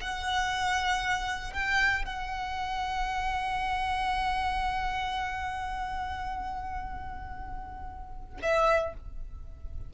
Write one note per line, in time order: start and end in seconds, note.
0.00 1.53 F#5
1.53 2.05 G5
2.05 8.38 F#5
8.42 8.93 E5